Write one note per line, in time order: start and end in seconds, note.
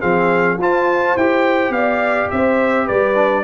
0.00 0.58 F3
0.00 0.58 C4
0.00 0.57 G#4
0.00 0.58 F5
0.58 1.15 F4
0.58 1.18 F4
0.58 1.75 C5
0.58 1.17 A5
1.17 1.70 E4
1.17 3.15 G4
1.17 1.73 G5
1.70 2.27 B3
1.70 2.32 D5
1.70 2.30 F5
2.31 2.89 C4
2.31 2.86 C5
2.31 2.88 E5
2.86 3.44 G3
2.86 3.43 B4
2.86 3.44 D5
3.15 3.44 D4